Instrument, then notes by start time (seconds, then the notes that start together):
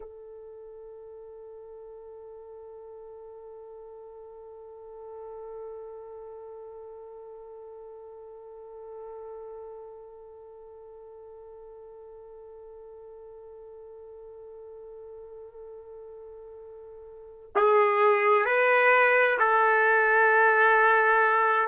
trumpet
0.00 A4
17.55 G#4
18.45 B4
19.38 A4